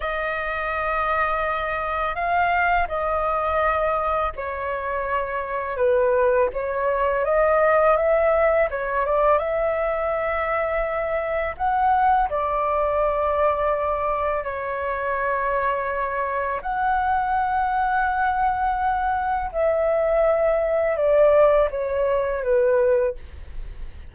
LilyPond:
\new Staff \with { instrumentName = "flute" } { \time 4/4 \tempo 4 = 83 dis''2. f''4 | dis''2 cis''2 | b'4 cis''4 dis''4 e''4 | cis''8 d''8 e''2. |
fis''4 d''2. | cis''2. fis''4~ | fis''2. e''4~ | e''4 d''4 cis''4 b'4 | }